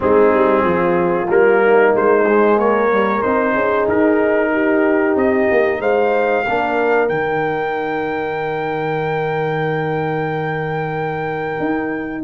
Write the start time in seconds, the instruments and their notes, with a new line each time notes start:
0.00 tuba G#3, trombone C4, horn D#4, trumpet G#4
0.33 tuba G3
0.63 tuba F3, horn F4
1.28 tuba G3, trombone A#3, trumpet A#4
1.63 horn D#4
1.95 tuba G#3, trumpet C5
2.26 trombone G#3
2.55 tuba A#3, horn A#4, trumpet C#5
2.90 trombone G3
3.22 tuba C4, trombone D#4, trumpet C5
3.53 tuba C#4, horn G#4
3.87 tuba D#4, trumpet A#4
4.52 horn G4
5.15 tuba C4, trumpet D#5
5.51 tuba A#3
5.79 tuba G#3, horn C5, trumpet F5
6.46 tuba A#3, trombone D4, horn A#4
7.08 tuba D#3, trombone D#4, trumpet G5
11.59 tuba D#4